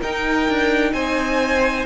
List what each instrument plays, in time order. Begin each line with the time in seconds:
0.00 viola D#4, cello D#4, violin A#4 G5
0.49 cello D4
0.93 cello C4, violin C5 G#5